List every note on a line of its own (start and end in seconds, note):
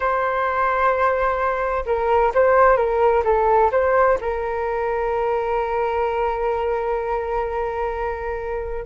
0.00 1.84 C5
1.85 2.32 A#4
2.34 2.76 C5
2.76 3.23 A#4
3.24 3.70 A4
3.71 4.18 C5
4.20 8.85 A#4